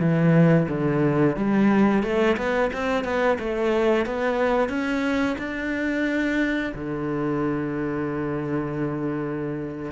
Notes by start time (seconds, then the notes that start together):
0.00 E3
0.69 D3
1.36 G3
2.03 A3
2.37 B3
2.73 C4
3.04 B3
3.39 A3
4.06 B3
4.69 C#4
5.38 D4
6.75 D3